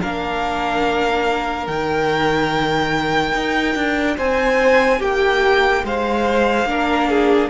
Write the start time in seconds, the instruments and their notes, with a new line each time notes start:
0.00 cello A#3, viola D4, violin A#4 F5
1.67 cello D#3, viola D#4, violin G5
3.35 cello D#4
3.76 cello D4
4.18 cello C4, violin C5 G#5
4.99 cello A#3, violin G4 G5
5.84 cello G#3, violin C5 F5
6.65 cello A#3, viola D4, violin A#4
7.10 violin G#4